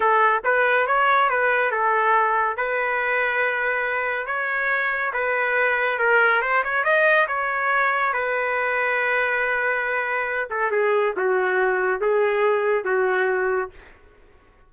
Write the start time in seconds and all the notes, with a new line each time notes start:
0.00 A4
0.43 B4
0.86 C#5
1.29 B4
1.71 A4
2.56 B4
4.26 C#5
5.13 B4
5.99 A#4
6.41 C5
6.64 C#5
6.84 D#5
7.27 C#5
8.13 B4
10.50 A4
10.71 G#4
11.16 F#4
12.00 G#4
12.84 F#4